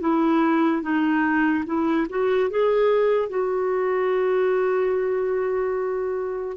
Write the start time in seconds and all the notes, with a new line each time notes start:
0.00 E4
0.82 D#4
1.66 E4
2.09 F#4
2.50 G#4
3.29 F#4